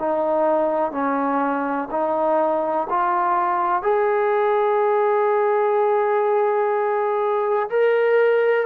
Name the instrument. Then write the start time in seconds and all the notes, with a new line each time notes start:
trombone
0.00 D#4
0.92 C#4
1.91 D#4
2.90 F4
3.82 G#4
7.70 A#4